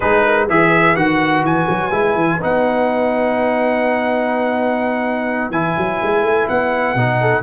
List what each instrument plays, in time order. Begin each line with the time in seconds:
0.00 tuba G#3, trombone D#4, horn G#4, trumpet B4
0.27 horn A#4
0.45 tuba E3, trombone G#4, horn B4, trumpet E5
0.96 tuba D#3, trombone F#4, trumpet F#5
1.43 tuba E3, trumpet G#5
1.69 tuba F#3
1.91 tuba G#3, trombone E4
2.14 tuba E3
2.41 tuba B3, trombone D#4, trumpet F#5
5.50 tuba E3, trombone E4, trumpet G#5
5.77 tuba F#3
6.03 tuba G#3
6.22 tuba A3
6.48 tuba B3, trumpet F#5
6.94 tuba B2, trombone D#4
7.20 horn A4